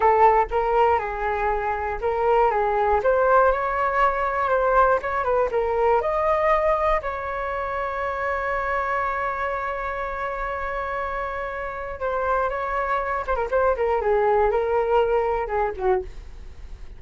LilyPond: \new Staff \with { instrumentName = "flute" } { \time 4/4 \tempo 4 = 120 a'4 ais'4 gis'2 | ais'4 gis'4 c''4 cis''4~ | cis''4 c''4 cis''8 b'8 ais'4 | dis''2 cis''2~ |
cis''1~ | cis''1 | c''4 cis''4. c''16 ais'16 c''8 ais'8 | gis'4 ais'2 gis'8 fis'8 | }